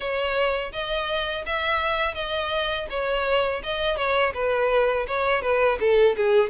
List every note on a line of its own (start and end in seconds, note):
0.00 0.72 C#5
0.72 1.44 D#5
1.46 2.14 E5
2.14 2.87 D#5
2.90 3.62 C#5
3.63 3.96 D#5
3.96 4.32 C#5
4.34 5.06 B4
5.07 5.42 C#5
5.42 5.78 B4
5.80 6.16 A4
6.16 6.49 G#4